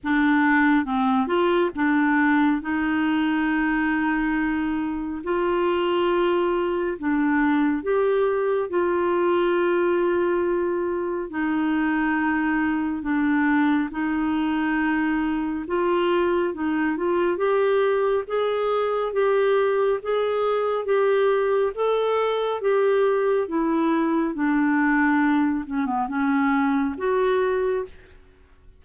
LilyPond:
\new Staff \with { instrumentName = "clarinet" } { \time 4/4 \tempo 4 = 69 d'4 c'8 f'8 d'4 dis'4~ | dis'2 f'2 | d'4 g'4 f'2~ | f'4 dis'2 d'4 |
dis'2 f'4 dis'8 f'8 | g'4 gis'4 g'4 gis'4 | g'4 a'4 g'4 e'4 | d'4. cis'16 b16 cis'4 fis'4 | }